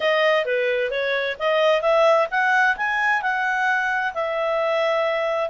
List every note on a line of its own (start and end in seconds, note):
0.00 0.45 D#5
0.45 0.90 B4
0.90 1.36 C#5
1.39 1.81 D#5
1.81 2.27 E5
2.30 2.76 F#5
2.76 3.22 G#5
3.22 4.13 F#5
4.14 5.49 E5